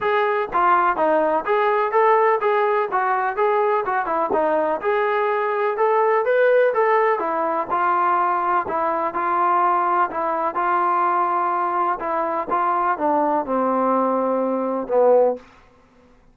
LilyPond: \new Staff \with { instrumentName = "trombone" } { \time 4/4 \tempo 4 = 125 gis'4 f'4 dis'4 gis'4 | a'4 gis'4 fis'4 gis'4 | fis'8 e'8 dis'4 gis'2 | a'4 b'4 a'4 e'4 |
f'2 e'4 f'4~ | f'4 e'4 f'2~ | f'4 e'4 f'4 d'4 | c'2. b4 | }